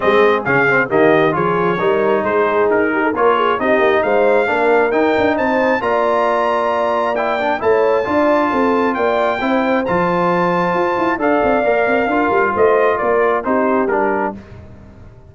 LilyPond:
<<
  \new Staff \with { instrumentName = "trumpet" } { \time 4/4 \tempo 4 = 134 dis''4 f''4 dis''4 cis''4~ | cis''4 c''4 ais'4 cis''4 | dis''4 f''2 g''4 | a''4 ais''2. |
g''4 a''2. | g''2 a''2~ | a''4 f''2. | dis''4 d''4 c''4 ais'4 | }
  \new Staff \with { instrumentName = "horn" } { \time 4/4 gis'2 g'4 gis'4 | ais'4 gis'4. g'16 a'16 ais'8 gis'8 | g'4 c''4 ais'2 | c''4 d''2.~ |
d''4 cis''4 d''4 a'4 | d''4 c''2.~ | c''4 d''2 ais'4 | c''4 ais'4 g'2 | }
  \new Staff \with { instrumentName = "trombone" } { \time 4/4 c'4 cis'8 c'8 ais4 f'4 | dis'2. f'4 | dis'2 d'4 dis'4~ | dis'4 f'2. |
e'8 d'8 e'4 f'2~ | f'4 e'4 f'2~ | f'4 a'4 ais'4 f'4~ | f'2 dis'4 d'4 | }
  \new Staff \with { instrumentName = "tuba" } { \time 4/4 gis4 cis4 dis4 f4 | g4 gis4 dis'4 ais4 | c'8 ais8 gis4 ais4 dis'8 d'8 | c'4 ais2.~ |
ais4 a4 d'4 c'4 | ais4 c'4 f2 | f'8 e'8 d'8 c'8 ais8 c'8 d'8 g8 | a4 ais4 c'4 g4 | }
>>